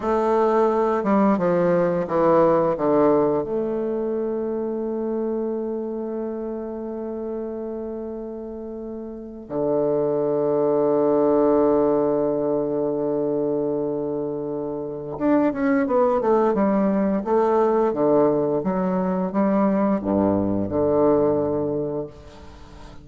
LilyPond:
\new Staff \with { instrumentName = "bassoon" } { \time 4/4 \tempo 4 = 87 a4. g8 f4 e4 | d4 a2.~ | a1~ | a4.~ a16 d2~ d16~ |
d1~ | d2 d'8 cis'8 b8 a8 | g4 a4 d4 fis4 | g4 g,4 d2 | }